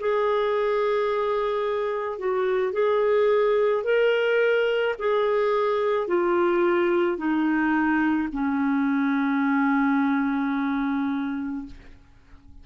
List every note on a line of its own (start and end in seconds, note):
0.00 2.19 G#4
2.19 2.73 F#4
2.73 3.84 G#4
3.84 4.95 A#4
4.99 6.08 G#4
6.08 7.18 F4
7.18 8.29 D#4
8.33 11.66 C#4